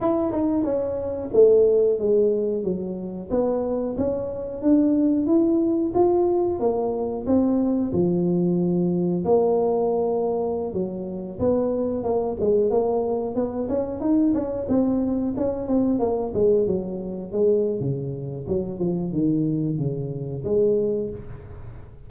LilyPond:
\new Staff \with { instrumentName = "tuba" } { \time 4/4 \tempo 4 = 91 e'8 dis'8 cis'4 a4 gis4 | fis4 b4 cis'4 d'4 | e'4 f'4 ais4 c'4 | f2 ais2~ |
ais16 fis4 b4 ais8 gis8 ais8.~ | ais16 b8 cis'8 dis'8 cis'8 c'4 cis'8 c'16~ | c'16 ais8 gis8 fis4 gis8. cis4 | fis8 f8 dis4 cis4 gis4 | }